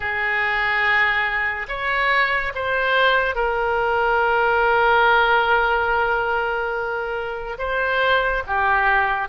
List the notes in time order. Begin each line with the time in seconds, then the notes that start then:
0.00 G#4
1.68 C#5
2.54 C5
3.35 A#4
7.58 C5
8.46 G4